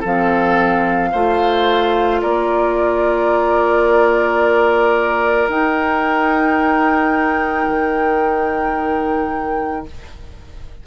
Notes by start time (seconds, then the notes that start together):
0.00 F3 C4 A4 F5
1.12 A3 F4 C5
2.22 A#3 A#4 D5
5.48 D#4 G5
7.68 D#3